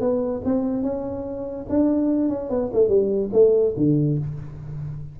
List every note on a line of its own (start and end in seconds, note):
0.00 0.42 B3
0.45 0.83 C4
0.83 1.66 C#4
1.69 2.29 D4
2.29 2.49 C#4
2.50 2.70 B3
2.73 2.88 A3
2.88 3.30 G3
3.33 3.74 A3
3.77 4.18 D3